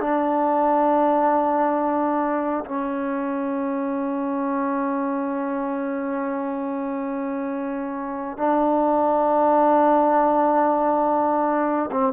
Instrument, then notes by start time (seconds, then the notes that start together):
trombone
0.00 D4
2.65 C#4
8.37 D4
11.91 C4